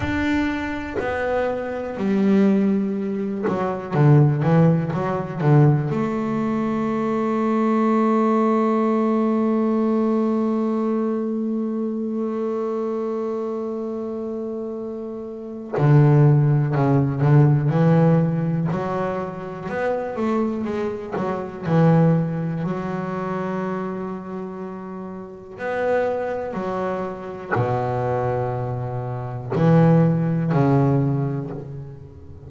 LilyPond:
\new Staff \with { instrumentName = "double bass" } { \time 4/4 \tempo 4 = 61 d'4 b4 g4. fis8 | d8 e8 fis8 d8 a2~ | a1~ | a1 |
d4 cis8 d8 e4 fis4 | b8 a8 gis8 fis8 e4 fis4~ | fis2 b4 fis4 | b,2 e4 cis4 | }